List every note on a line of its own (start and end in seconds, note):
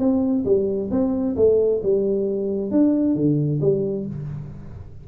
0.00 0.45 C4
0.45 0.90 G3
0.91 1.36 C4
1.37 1.82 A3
1.83 2.71 G3
2.71 3.16 D4
3.16 3.61 D3
3.61 4.06 G3